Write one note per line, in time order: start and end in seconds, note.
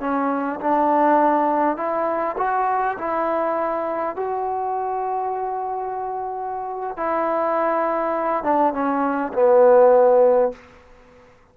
0.00 0.59 C#4
0.60 1.77 D4
1.77 2.36 E4
2.37 2.97 F#4
2.98 4.16 E4
4.16 6.96 F#4
6.96 8.43 E4
8.43 8.73 D4
8.73 9.32 C#4
9.33 10.51 B3